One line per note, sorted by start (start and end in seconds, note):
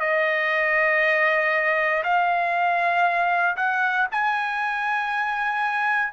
0.00 2.03 D#5
2.03 3.56 F5
3.56 4.07 F#5
4.11 6.12 G#5